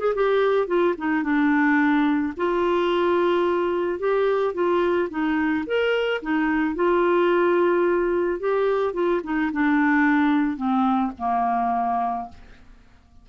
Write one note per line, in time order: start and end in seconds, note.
0.00 0.14 G#4
0.15 0.67 G4
0.67 0.95 F4
0.98 1.23 D#4
1.23 2.33 D4
2.37 3.99 F4
3.99 4.54 G4
4.54 5.09 F4
5.10 5.65 D#4
5.66 6.21 A#4
6.22 6.75 D#4
6.75 8.39 F4
8.39 8.93 G4
8.93 9.21 F4
9.24 9.51 D#4
9.52 10.57 D4
10.57 11.12 C4
11.18 12.29 A#3